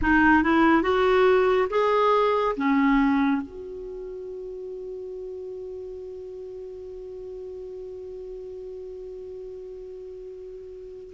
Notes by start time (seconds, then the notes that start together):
0.01 D#4
0.43 E4
0.82 F#4
1.69 G#4
2.56 C#4
3.41 F#4